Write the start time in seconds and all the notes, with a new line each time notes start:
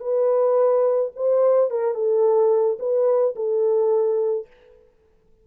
0.00 B4
1.16 C5
1.70 A#4
1.94 A4
2.79 B4
3.36 A4